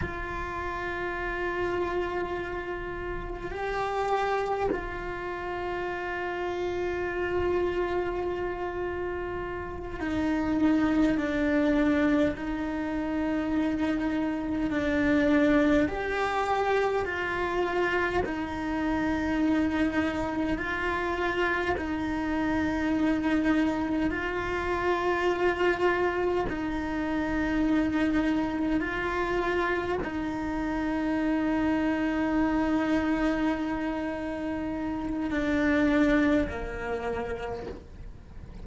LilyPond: \new Staff \with { instrumentName = "cello" } { \time 4/4 \tempo 4 = 51 f'2. g'4 | f'1~ | f'8 dis'4 d'4 dis'4.~ | dis'8 d'4 g'4 f'4 dis'8~ |
dis'4. f'4 dis'4.~ | dis'8 f'2 dis'4.~ | dis'8 f'4 dis'2~ dis'8~ | dis'2 d'4 ais4 | }